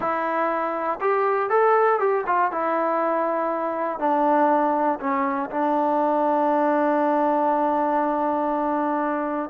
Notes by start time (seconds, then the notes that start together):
0.00 E4
1.00 G4
1.49 A4
1.99 G4
2.26 F4
2.51 E4
3.99 D4
5.00 C#4
5.50 D4